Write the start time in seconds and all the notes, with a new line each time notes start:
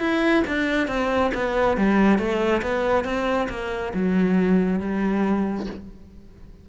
0.00 E4
0.47 D4
0.88 C4
1.35 B3
1.77 G3
2.19 A3
2.62 B3
3.05 C4
3.49 A#3
3.94 F#3
4.80 G3